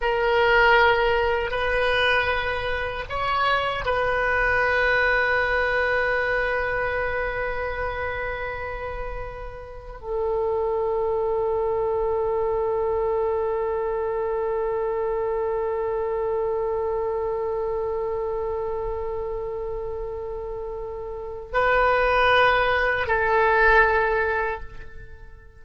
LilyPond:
\new Staff \with { instrumentName = "oboe" } { \time 4/4 \tempo 4 = 78 ais'2 b'2 | cis''4 b'2.~ | b'1~ | b'4 a'2.~ |
a'1~ | a'1~ | a'1 | b'2 a'2 | }